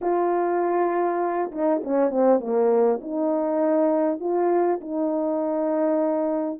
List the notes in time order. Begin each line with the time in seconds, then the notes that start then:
0.01 F4
1.51 D#4
1.83 C#4
2.10 C4
2.40 A#3
3.01 D#4
4.20 F4
4.80 D#4